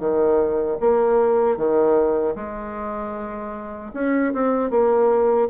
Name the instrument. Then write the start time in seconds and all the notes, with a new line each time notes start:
bassoon
0.00 D#3
0.81 A#3
1.58 D#3
2.36 G#3
3.94 C#4
4.34 C4
4.71 A#3